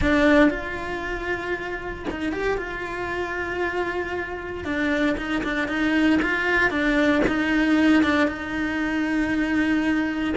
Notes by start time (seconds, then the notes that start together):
0.01 D4
0.50 F4
2.10 D#4
2.32 G4
2.57 F4
4.64 D4
5.17 D#4
5.43 D4
5.68 D#4
6.22 F4
6.70 D4
7.27 D#4
8.03 D4
8.27 D#4